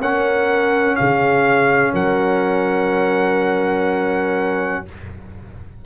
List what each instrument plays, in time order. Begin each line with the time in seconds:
0.00 tuba C#4, trombone C#4, horn A#4, trumpet F#5
0.96 tuba C#3, horn G#4, trumpet F5
1.93 tuba F#3, horn A#4, trumpet F#5